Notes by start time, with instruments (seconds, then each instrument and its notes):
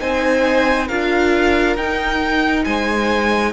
0.00 cello C4, viola D#4, violin C5 G#5
0.87 cello D4, viola F4, violin A#4 F5
1.77 cello D#4, viola D#4, violin G5
2.65 cello G#3, violin C5 G#5